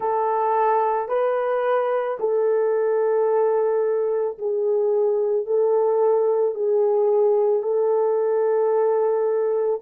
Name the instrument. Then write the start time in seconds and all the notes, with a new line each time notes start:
horn
0.00 A4
1.08 B4
2.19 A4
4.38 G#4
5.45 A4
6.55 G#4
7.63 A4